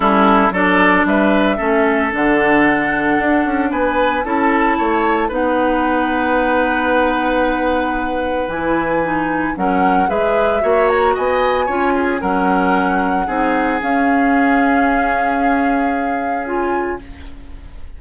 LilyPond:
<<
  \new Staff \with { instrumentName = "flute" } { \time 4/4 \tempo 4 = 113 a'4 d''4 e''2 | fis''2. gis''4 | a''2 fis''2~ | fis''1 |
gis''2 fis''4 e''4~ | e''8 ais''8 gis''2 fis''4~ | fis''2 f''2~ | f''2. gis''4 | }
  \new Staff \with { instrumentName = "oboe" } { \time 4/4 e'4 a'4 b'4 a'4~ | a'2. b'4 | a'4 cis''4 b'2~ | b'1~ |
b'2 ais'4 b'4 | cis''4 dis''4 cis''8 gis'8 ais'4~ | ais'4 gis'2.~ | gis'1 | }
  \new Staff \with { instrumentName = "clarinet" } { \time 4/4 cis'4 d'2 cis'4 | d'1 | e'2 dis'2~ | dis'1 |
e'4 dis'4 cis'4 gis'4 | fis'2 f'4 cis'4~ | cis'4 dis'4 cis'2~ | cis'2. f'4 | }
  \new Staff \with { instrumentName = "bassoon" } { \time 4/4 g4 fis4 g4 a4 | d2 d'8 cis'8 b4 | cis'4 a4 b2~ | b1 |
e2 fis4 gis4 | ais4 b4 cis'4 fis4~ | fis4 c'4 cis'2~ | cis'1 | }
>>